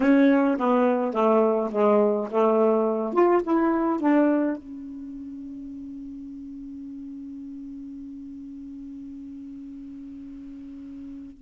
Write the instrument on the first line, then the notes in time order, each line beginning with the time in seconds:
saxophone
0.00 C#4
0.58 B3
1.13 A3
1.71 G#3
2.30 A3
3.13 F4
3.43 E4
4.00 D4
4.57 C#4